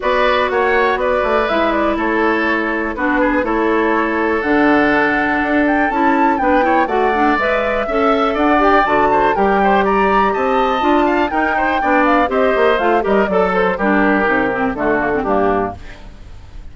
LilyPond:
<<
  \new Staff \with { instrumentName = "flute" } { \time 4/4 \tempo 4 = 122 d''4 fis''4 d''4 e''8 d''8 | cis''2 b'4 cis''4~ | cis''4 fis''2~ fis''8 g''8 | a''4 g''4 fis''4 e''4~ |
e''4 fis''8 g''8 a''4 g''4 | ais''4 a''2 g''4~ | g''8 f''8 dis''4 f''8 dis''8 d''8 c''8 | ais'2 a'4 g'4 | }
  \new Staff \with { instrumentName = "oboe" } { \time 4/4 b'4 cis''4 b'2 | a'2 fis'8 gis'8 a'4~ | a'1~ | a'4 b'8 cis''8 d''2 |
e''4 d''4. c''8 ais'8 c''8 | d''4 dis''4. f''8 ais'8 c''8 | d''4 c''4. ais'8 a'4 | g'2 fis'4 d'4 | }
  \new Staff \with { instrumentName = "clarinet" } { \time 4/4 fis'2. e'4~ | e'2 d'4 e'4~ | e'4 d'2. | e'4 d'8 e'8 fis'8 d'8 b'4 |
a'4. g'8 fis'4 g'4~ | g'2 f'4 dis'4 | d'4 g'4 f'8 g'8 a'4 | d'4 dis'8 c'8 a8 ais16 c'16 ais4 | }
  \new Staff \with { instrumentName = "bassoon" } { \time 4/4 b4 ais4 b8 a8 gis4 | a2 b4 a4~ | a4 d2 d'4 | cis'4 b4 a4 gis4 |
cis'4 d'4 d4 g4~ | g4 c'4 d'4 dis'4 | b4 c'8 ais8 a8 g8 fis4 | g4 c4 d4 g,4 | }
>>